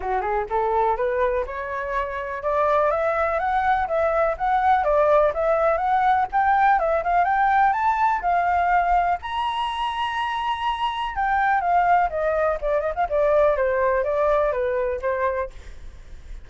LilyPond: \new Staff \with { instrumentName = "flute" } { \time 4/4 \tempo 4 = 124 fis'8 gis'8 a'4 b'4 cis''4~ | cis''4 d''4 e''4 fis''4 | e''4 fis''4 d''4 e''4 | fis''4 g''4 e''8 f''8 g''4 |
a''4 f''2 ais''4~ | ais''2. g''4 | f''4 dis''4 d''8 dis''16 f''16 d''4 | c''4 d''4 b'4 c''4 | }